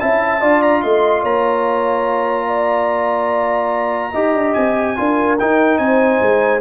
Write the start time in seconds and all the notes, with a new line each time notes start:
0.00 C#4 E4 E5 A5
0.41 D4 F4 D5
0.62 A#5
0.82 A3 D#5 C6
1.22 A#3 C#5 A#5
2.48 D5
4.12 D#4 G4 D#5
4.34 D4
4.54 C4 G#5
4.96 D4 F4 A#4
5.39 D#4 G5
5.78 C4 C5 G#5
6.21 G#3